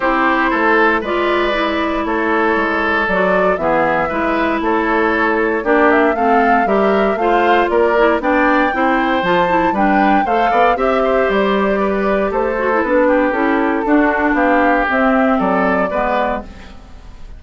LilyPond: <<
  \new Staff \with { instrumentName = "flute" } { \time 4/4 \tempo 4 = 117 c''2 d''2 | cis''2 d''4 e''4~ | e''4 cis''2 d''8 e''8 | f''4 e''4 f''4 d''4 |
g''2 a''4 g''4 | f''4 e''4 d''2 | c''4 b'4 a'2 | f''4 e''4 d''2 | }
  \new Staff \with { instrumentName = "oboe" } { \time 4/4 g'4 a'4 b'2 | a'2. gis'4 | b'4 a'2 g'4 | a'4 ais'4 c''4 ais'4 |
d''4 c''2 b'4 | c''8 d''8 e''8 c''4. b'4 | a'4. g'4. fis'4 | g'2 a'4 b'4 | }
  \new Staff \with { instrumentName = "clarinet" } { \time 4/4 e'2 f'4 e'4~ | e'2 fis'4 b4 | e'2. d'4 | c'4 g'4 f'4. e'8 |
d'4 e'4 f'8 e'8 d'4 | a'4 g'2.~ | g'8 fis'16 e'16 d'4 e'4 d'4~ | d'4 c'2 b4 | }
  \new Staff \with { instrumentName = "bassoon" } { \time 4/4 c'4 a4 gis2 | a4 gis4 fis4 e4 | gis4 a2 ais4 | a4 g4 a4 ais4 |
b4 c'4 f4 g4 | a8 b8 c'4 g2 | a4 b4 cis'4 d'4 | b4 c'4 fis4 gis4 | }
>>